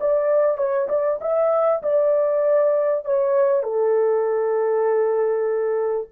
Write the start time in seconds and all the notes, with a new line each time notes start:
0.00 D5
0.57 C#5
0.88 D5
1.21 E5
1.82 D5
3.05 C#5
3.63 A4